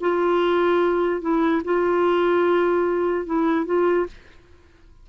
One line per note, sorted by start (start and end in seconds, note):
0.00 1.21 F4
1.21 1.62 E4
1.64 3.26 F4
3.26 3.65 E4
3.65 4.06 F4